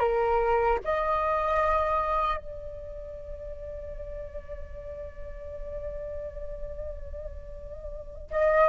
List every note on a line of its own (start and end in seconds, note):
0.00 0.79 A#4
0.85 2.38 D#5
2.38 8.30 D5
8.31 8.70 D#5